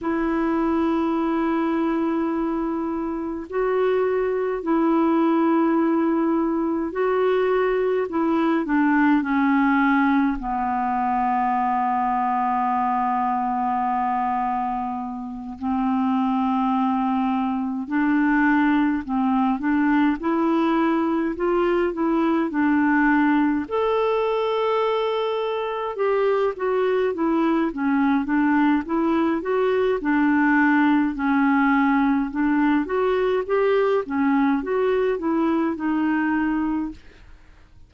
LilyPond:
\new Staff \with { instrumentName = "clarinet" } { \time 4/4 \tempo 4 = 52 e'2. fis'4 | e'2 fis'4 e'8 d'8 | cis'4 b2.~ | b4. c'2 d'8~ |
d'8 c'8 d'8 e'4 f'8 e'8 d'8~ | d'8 a'2 g'8 fis'8 e'8 | cis'8 d'8 e'8 fis'8 d'4 cis'4 | d'8 fis'8 g'8 cis'8 fis'8 e'8 dis'4 | }